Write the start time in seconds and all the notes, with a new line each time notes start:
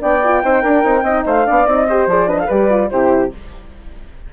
0.00 B3 D4 D5 G5
0.24 F4
0.43 C4 D#4 C5
0.62 D4 A#4
0.83 C4 D#4
1.03 C4 D#4 D#5
1.26 A3 C5 F5
1.45 B3 D4 D5
1.66 C4 D#4 D#5
1.88 G4 C5
2.06 F3 G#4 D5
2.27 D4 B4 D#5
2.39 A4 F5
2.46 G3 G4 B4 D5
2.69 F4
2.90 C3 E4 G4 C5